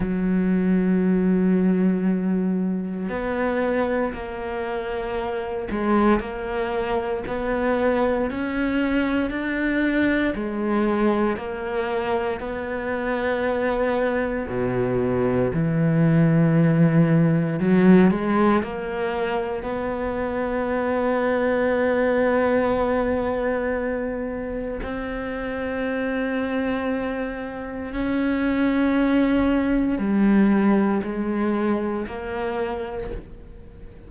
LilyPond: \new Staff \with { instrumentName = "cello" } { \time 4/4 \tempo 4 = 58 fis2. b4 | ais4. gis8 ais4 b4 | cis'4 d'4 gis4 ais4 | b2 b,4 e4~ |
e4 fis8 gis8 ais4 b4~ | b1 | c'2. cis'4~ | cis'4 g4 gis4 ais4 | }